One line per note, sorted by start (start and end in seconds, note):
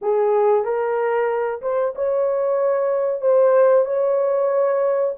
0.01 0.64 G#4
0.64 1.61 A#4
1.61 1.94 C5
1.95 3.21 C#5
3.21 3.85 C5
3.85 5.14 C#5